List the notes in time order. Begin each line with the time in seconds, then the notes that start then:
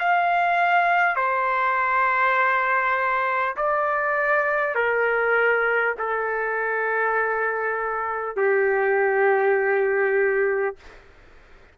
0.00 F5
1.16 C5
3.57 D5
4.75 A#4
5.98 A4
8.37 G4